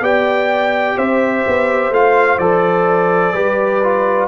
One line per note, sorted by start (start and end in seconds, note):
0.00 0.95 B3
0.00 1.92 G4
0.00 0.97 D5
0.00 0.98 G5
0.97 1.45 C4
0.97 3.34 C5
0.97 1.93 E5
1.47 1.90 B3
1.90 2.38 A3
1.90 2.40 F4
1.90 2.38 F5
2.38 3.34 F3
2.38 3.34 A4
2.38 4.27 D5
3.34 4.27 G3
3.34 3.82 G4
3.34 4.27 B4
3.83 4.27 F4